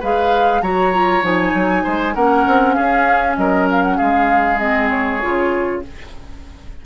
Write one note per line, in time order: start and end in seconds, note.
0.00 0.62 G#3
0.00 0.63 G#4
0.00 0.61 B4
0.00 0.62 F5
0.62 1.23 F#3
0.62 0.94 F#4
0.62 1.84 C#5
0.62 1.23 A#5
0.94 1.23 F4
1.23 1.53 F3
1.23 2.15 D#4
1.23 2.15 G#5
1.54 1.85 F#3
1.84 2.16 G#3
1.84 2.14 C5
2.15 2.46 A#3
2.15 4.59 C#4
2.15 2.76 A#4
2.15 2.73 F#5
2.47 2.78 C4
2.73 3.37 C#4
2.73 3.37 G#4
2.73 3.35 F5
3.37 3.99 F#3
3.37 3.97 A#4
3.37 3.67 D#5
3.71 3.82 F5
3.82 3.98 F#5
3.97 5.24 G#3
3.97 5.81 G#4
3.97 4.59 F5
4.59 5.20 C4
4.59 4.89 D#5
4.90 5.82 C#5
5.21 5.85 C#3
5.21 5.83 F4